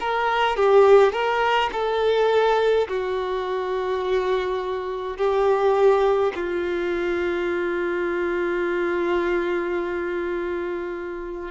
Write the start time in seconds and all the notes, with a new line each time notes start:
0.00 A#4
0.56 G4
1.12 A#4
1.72 A4
2.88 F#4
5.17 G4
6.35 F4